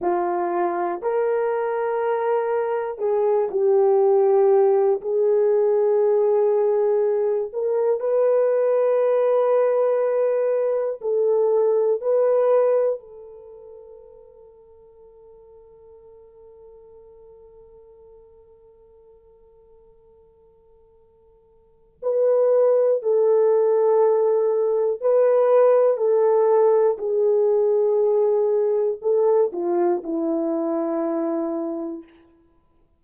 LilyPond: \new Staff \with { instrumentName = "horn" } { \time 4/4 \tempo 4 = 60 f'4 ais'2 gis'8 g'8~ | g'4 gis'2~ gis'8 ais'8 | b'2. a'4 | b'4 a'2.~ |
a'1~ | a'2 b'4 a'4~ | a'4 b'4 a'4 gis'4~ | gis'4 a'8 f'8 e'2 | }